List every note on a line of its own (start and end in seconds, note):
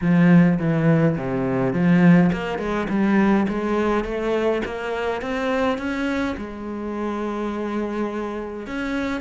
0.01 0.58 F3
0.59 1.16 E3
1.17 1.73 C3
1.73 2.31 F3
2.32 2.58 A#3
2.58 2.87 G#3
2.89 3.46 G3
3.48 4.04 G#3
4.04 4.62 A3
4.65 5.21 A#3
5.21 5.78 C4
5.78 6.35 C#4
6.37 8.66 G#3
8.66 9.20 C#4